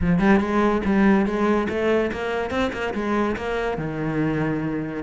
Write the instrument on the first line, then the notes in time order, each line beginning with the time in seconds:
cello
0.01 F3
0.19 G3
0.39 G#3
0.85 G3
1.25 G#3
1.69 A3
2.12 A#3
2.50 C4
2.72 A#3
2.94 G#3
3.36 A#3
3.77 D#3